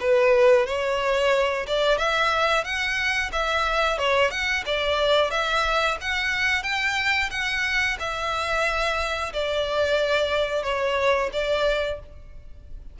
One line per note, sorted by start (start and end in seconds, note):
0.00 0.66 B4
0.66 1.66 C#5
1.67 1.98 D5
1.98 2.64 E5
2.64 3.30 F#5
3.32 3.98 E5
3.98 4.30 C#5
4.30 4.64 F#5
4.66 5.30 D5
5.30 5.97 E5
6.01 6.63 F#5
6.63 7.29 G5
7.30 7.97 F#5
7.99 9.32 E5
9.33 10.63 D5
10.63 11.29 C#5
11.32 11.99 D5